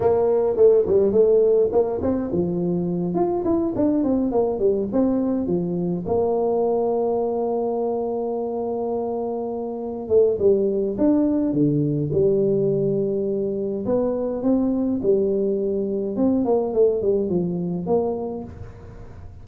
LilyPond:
\new Staff \with { instrumentName = "tuba" } { \time 4/4 \tempo 4 = 104 ais4 a8 g8 a4 ais8 c'8 | f4. f'8 e'8 d'8 c'8 ais8 | g8 c'4 f4 ais4.~ | ais1~ |
ais4. a8 g4 d'4 | d4 g2. | b4 c'4 g2 | c'8 ais8 a8 g8 f4 ais4 | }